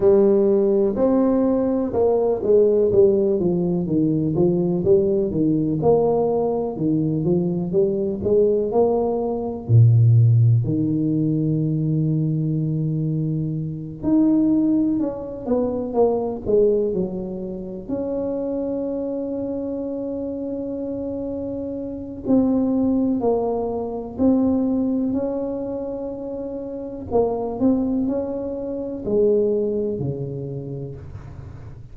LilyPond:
\new Staff \with { instrumentName = "tuba" } { \time 4/4 \tempo 4 = 62 g4 c'4 ais8 gis8 g8 f8 | dis8 f8 g8 dis8 ais4 dis8 f8 | g8 gis8 ais4 ais,4 dis4~ | dis2~ dis8 dis'4 cis'8 |
b8 ais8 gis8 fis4 cis'4.~ | cis'2. c'4 | ais4 c'4 cis'2 | ais8 c'8 cis'4 gis4 cis4 | }